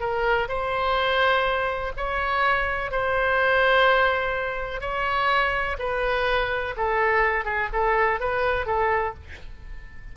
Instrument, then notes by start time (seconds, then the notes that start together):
oboe
0.00 A#4
0.48 C5
1.97 C#5
2.91 C5
4.81 C#5
5.79 B4
6.77 A4
7.45 G#4
7.73 A4
8.20 B4
8.66 A4